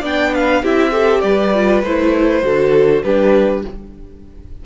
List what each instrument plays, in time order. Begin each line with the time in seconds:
0.00 cello B3, viola D4, violin D5 G5
0.34 violin B4 F5
0.62 cello C4, viola E4, violin G4 E5
0.91 viola G4, violin A4
1.20 cello G3, violin B4 D5
1.54 viola F4
1.83 cello A3, viola E4, violin C5
2.42 cello D3, viola F#4, violin A4
3.02 cello G3, viola D4, violin G4 B4